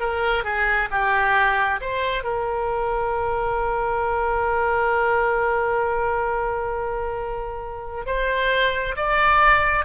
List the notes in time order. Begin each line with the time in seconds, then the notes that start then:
0.00 A#4
0.44 G#4
0.91 G4
1.81 C5
2.23 A#4
8.06 C5
8.96 D5